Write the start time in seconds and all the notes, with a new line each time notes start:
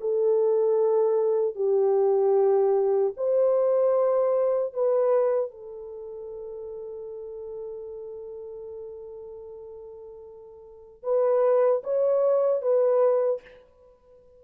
0.00 A4
1.55 G4
3.16 C5
4.73 B4
5.50 A4
11.03 B4
11.83 C#5
12.62 B4